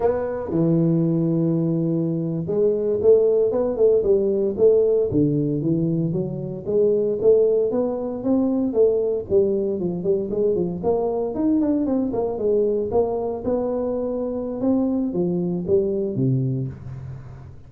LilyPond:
\new Staff \with { instrumentName = "tuba" } { \time 4/4 \tempo 4 = 115 b4 e2.~ | e8. gis4 a4 b8 a8 g16~ | g8. a4 d4 e4 fis16~ | fis8. gis4 a4 b4 c'16~ |
c'8. a4 g4 f8 g8 gis16~ | gis16 f8 ais4 dis'8 d'8 c'8 ais8 gis16~ | gis8. ais4 b2~ b16 | c'4 f4 g4 c4 | }